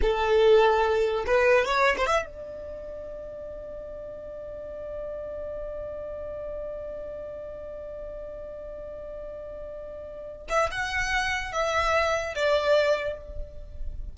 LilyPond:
\new Staff \with { instrumentName = "violin" } { \time 4/4 \tempo 4 = 146 a'2. b'4 | cis''8. c''16 e''8 d''2~ d''8~ | d''1~ | d''1~ |
d''1~ | d''1~ | d''4. e''8 fis''2 | e''2 d''2 | }